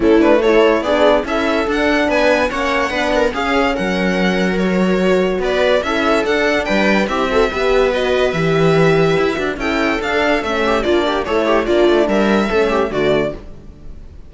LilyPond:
<<
  \new Staff \with { instrumentName = "violin" } { \time 4/4 \tempo 4 = 144 a'8 b'8 cis''4 d''4 e''4 | fis''4 gis''4 fis''2 | f''4 fis''2 cis''4~ | cis''4 d''4 e''4 fis''4 |
g''4 e''2 dis''4 | e''2. g''4 | f''4 e''4 d''4 cis''4 | d''4 e''2 d''4 | }
  \new Staff \with { instrumentName = "viola" } { \time 4/4 e'4 a'4 gis'4 a'4~ | a'4 b'4 cis''4 b'8 ais'8 | gis'4 ais'2.~ | ais'4 b'4 a'2 |
b'4 g'8 a'8 b'2~ | b'2. a'4~ | a'4. g'8 f'8 g'8 a'8 g'8 | f'4 ais'4 a'8 g'8 fis'4 | }
  \new Staff \with { instrumentName = "horn" } { \time 4/4 cis'8 d'8 e'4 d'4 e'4 | d'2 cis'4 d'4 | cis'2. fis'4~ | fis'2 e'4 d'4~ |
d'4 e'8 fis'8 g'4 fis'4 | g'2~ g'8 fis'8 e'4 | d'4 cis'4 d'4 e'4 | d'2 cis'4 a4 | }
  \new Staff \with { instrumentName = "cello" } { \time 4/4 a2 b4 cis'4 | d'4 b4 ais4 b4 | cis'4 fis2.~ | fis4 b4 cis'4 d'4 |
g4 c'4 b2 | e2 e'8 d'8 cis'4 | d'4 a4 ais4 a4 | ais8 a8 g4 a4 d4 | }
>>